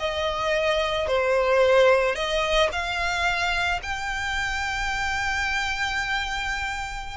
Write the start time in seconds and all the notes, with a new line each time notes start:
0.00 D#5
1.08 C5
2.16 D#5
2.73 F5
3.83 G5